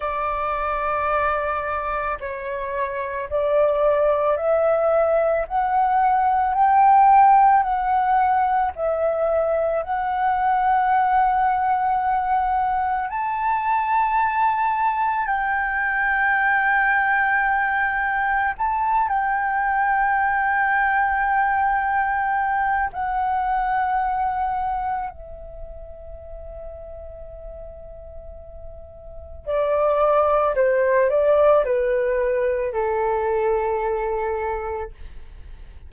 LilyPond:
\new Staff \with { instrumentName = "flute" } { \time 4/4 \tempo 4 = 55 d''2 cis''4 d''4 | e''4 fis''4 g''4 fis''4 | e''4 fis''2. | a''2 g''2~ |
g''4 a''8 g''2~ g''8~ | g''4 fis''2 e''4~ | e''2. d''4 | c''8 d''8 b'4 a'2 | }